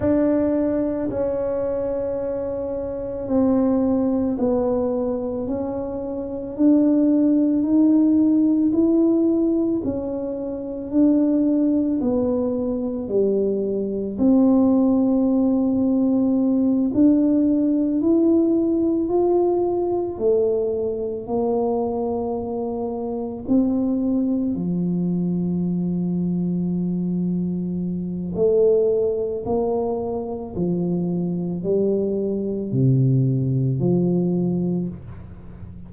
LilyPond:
\new Staff \with { instrumentName = "tuba" } { \time 4/4 \tempo 4 = 55 d'4 cis'2 c'4 | b4 cis'4 d'4 dis'4 | e'4 cis'4 d'4 b4 | g4 c'2~ c'8 d'8~ |
d'8 e'4 f'4 a4 ais8~ | ais4. c'4 f4.~ | f2 a4 ais4 | f4 g4 c4 f4 | }